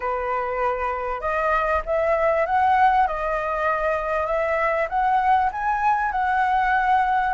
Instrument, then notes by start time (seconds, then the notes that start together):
flute
0.00 B4
1.21 D#5
1.85 E5
2.46 F#5
3.07 D#5
4.26 E5
4.89 F#5
5.52 G#5
6.11 F#5